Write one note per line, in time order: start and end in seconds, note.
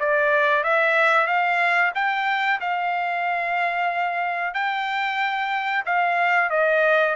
0.00 0.64 D5
0.64 1.27 E5
1.27 1.92 F5
1.95 2.60 G5
2.61 4.54 F5
4.54 5.85 G5
5.86 6.50 F5
6.50 7.16 D#5